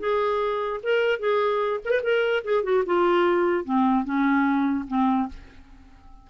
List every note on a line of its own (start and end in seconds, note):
0.00 0.81 G#4
0.83 1.20 A#4
1.20 1.81 G#4
1.85 1.91 A#4
1.85 2.01 B4
2.03 2.44 A#4
2.45 2.64 G#4
2.64 2.84 F#4
2.86 3.65 F4
3.65 4.05 C4
4.05 4.86 C#4
4.89 5.29 C4